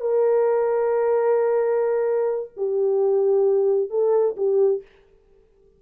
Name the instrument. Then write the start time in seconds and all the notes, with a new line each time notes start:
horn
0.00 A#4
2.56 G4
3.90 A4
4.36 G4